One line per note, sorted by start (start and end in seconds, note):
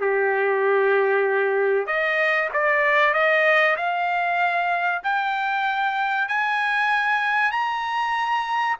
0.00 1.87 G4
1.87 2.49 D#5
2.53 3.14 D5
3.14 3.76 D#5
3.77 5.02 F5
5.03 6.28 G5
6.28 7.51 G#5
7.51 8.76 A#5